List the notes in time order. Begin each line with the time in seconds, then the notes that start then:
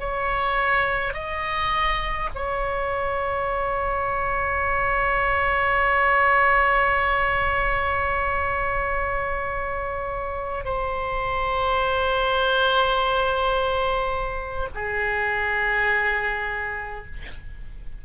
0.00 C#5
1.14 D#5
2.35 C#5
10.65 C5
14.75 G#4